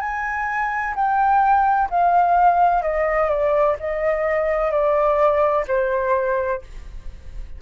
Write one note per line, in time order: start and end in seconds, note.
0.00 0.94 G#5
0.95 1.88 G5
1.90 2.82 F5
2.82 3.29 D#5
3.29 3.76 D5
3.79 4.70 D#5
4.70 5.64 D5
5.67 6.61 C5